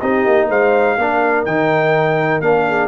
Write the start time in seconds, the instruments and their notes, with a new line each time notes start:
0.00 tuba C4, trombone D#4, horn G4, trumpet D#5
0.26 tuba A#3
0.48 tuba G#3, horn C5, trumpet F5
0.98 tuba A#3, trombone D4, horn A#4
1.45 tuba D#3, trombone D#4, trumpet G5
2.41 tuba A#3, trombone D4, trumpet F5
2.68 horn G#4